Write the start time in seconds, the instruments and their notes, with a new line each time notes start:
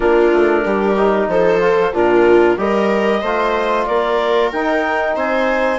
0.00 bassoon A#3, trombone D4, viola F4, clarinet A#4
0.33 bassoon A3
0.65 bassoon G3, viola G4
0.96 trombone D#4
1.27 bassoon F3, viola A4, clarinet C5
1.60 trombone F4
1.93 bassoon A#2, trombone D4, viola F4, clarinet A#4
2.57 bassoon G3, trombone G4, viola A#4, clarinet D#5
3.21 bassoon A3, trombone F4, viola C5
3.85 bassoon A#3, viola A#4, clarinet D5
4.51 bassoon D#4, trombone D#4, clarinet G5
5.15 bassoon C4, viola C5, clarinet G#5